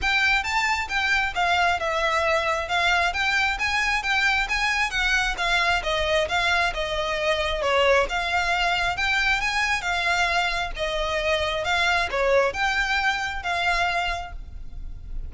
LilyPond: \new Staff \with { instrumentName = "violin" } { \time 4/4 \tempo 4 = 134 g''4 a''4 g''4 f''4 | e''2 f''4 g''4 | gis''4 g''4 gis''4 fis''4 | f''4 dis''4 f''4 dis''4~ |
dis''4 cis''4 f''2 | g''4 gis''4 f''2 | dis''2 f''4 cis''4 | g''2 f''2 | }